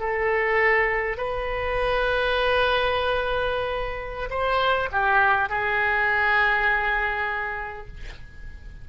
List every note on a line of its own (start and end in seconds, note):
0.00 1.18 A4
1.18 4.30 B4
4.30 4.90 C5
4.92 5.50 G4
5.50 7.87 G#4